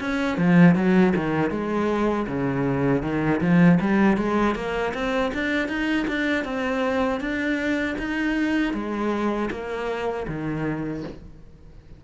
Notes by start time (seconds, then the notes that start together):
0.00 C#4
0.37 F3
0.75 F#3
1.16 D#3
1.50 G#3
2.27 C#3
3.02 D#3
3.41 F3
3.80 G3
4.17 G#3
4.55 A#3
4.94 C4
5.34 D4
5.68 D#4
6.08 D4
6.44 C4
7.20 D4
7.98 D#4
8.73 G#3
9.50 A#3
10.27 D#3